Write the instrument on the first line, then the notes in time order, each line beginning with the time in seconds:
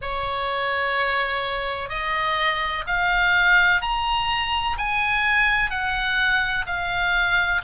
oboe
0.01 C#5
1.89 D#5
2.86 F5
3.81 A#5
4.77 G#5
5.70 F#5
6.66 F5